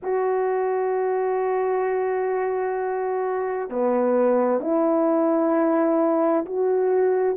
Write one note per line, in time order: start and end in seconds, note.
0.03 3.69 F#4
3.69 4.60 B3
4.60 6.45 E4
6.45 7.37 F#4